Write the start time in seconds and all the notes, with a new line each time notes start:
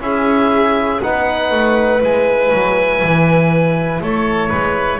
0.00 C#4 E4 G#4 E5
1.02 B3 D#4 B4 F#5
1.51 A3
2.01 G#3 E4 G#5
2.52 F#3
3.03 E3
4.01 A3 A4 C#5
4.49 G#3 B4